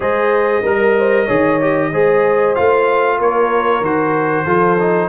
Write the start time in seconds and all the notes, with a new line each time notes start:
0.00 G#3 G#4 C5 D#5
0.62 G3 A#4
0.97 C5
1.25 D#3 G#4 C#5
1.60 G4
1.91 G#3 G#4 C5
2.55 A3 F4 F5
3.18 A#3 A#4 C#5
3.80 D#3 F#4 C5
4.44 F3 F4 A4
4.79 D#4